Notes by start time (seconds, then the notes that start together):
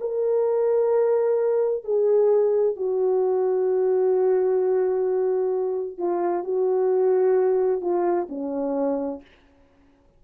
0.00 A#4
1.84 G#4
2.76 F#4
5.98 F4
6.44 F#4
7.81 F4
8.29 C#4